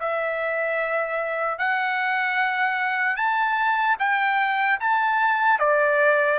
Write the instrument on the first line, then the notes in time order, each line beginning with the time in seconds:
trumpet
0.00 E5
1.58 F#5
3.16 A5
3.99 G5
4.80 A5
5.59 D5